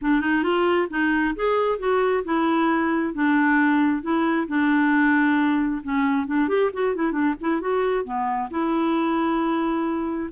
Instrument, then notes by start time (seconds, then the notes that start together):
clarinet
0.01 D4
0.20 D#4
0.43 F4
0.90 D#4
1.35 G#4
1.78 F#4
2.24 E4
3.14 D4
4.02 E4
4.47 D4
5.83 C#4
6.27 D4
6.48 G4
6.73 F#4
6.95 E4
7.12 D4
7.40 E4
7.60 F#4
8.04 B3
8.50 E4